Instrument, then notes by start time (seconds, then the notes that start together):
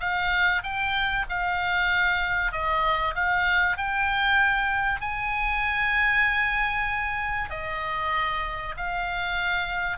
oboe
0.00 F5
0.63 G5
1.29 F5
2.52 D#5
3.14 F5
3.77 G5
5.01 G#5
7.50 D#5
8.77 F5